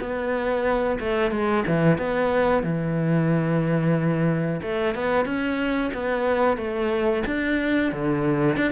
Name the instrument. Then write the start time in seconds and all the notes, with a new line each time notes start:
cello
0.00 B3
1.00 A3
1.32 G#3
1.67 E3
1.98 B3
2.64 E3
4.62 A3
4.95 B3
5.26 C#4
5.94 B3
6.58 A3
7.27 D4
7.93 D3
8.57 D4